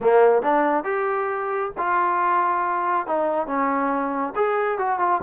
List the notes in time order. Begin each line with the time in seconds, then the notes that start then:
0.01 A#3
0.42 D4
0.84 G4
1.77 F4
3.06 D#4
3.46 C#4
4.35 G#4
4.78 F#4
4.99 F4